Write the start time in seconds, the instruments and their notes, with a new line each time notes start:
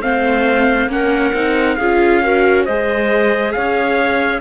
0.00 cello A3, viola C4, clarinet C5, trumpet F5
0.87 cello A#3, viola C#4, clarinet A#4, trumpet F#5
1.33 cello C4, viola D#4
1.75 cello C#4, viola F4, clarinet G#4, trumpet F5
2.22 viola F#4, clarinet A#4
2.64 cello G#3, viola G#4, clarinet C5, trumpet D#5
3.52 cello C#4, clarinet C#5, trumpet F5